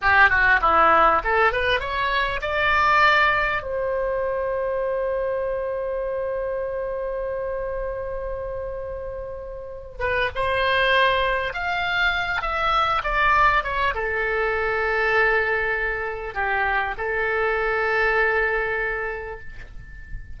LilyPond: \new Staff \with { instrumentName = "oboe" } { \time 4/4 \tempo 4 = 99 g'8 fis'8 e'4 a'8 b'8 cis''4 | d''2 c''2~ | c''1~ | c''1~ |
c''8 b'8 c''2 f''4~ | f''8 e''4 d''4 cis''8 a'4~ | a'2. g'4 | a'1 | }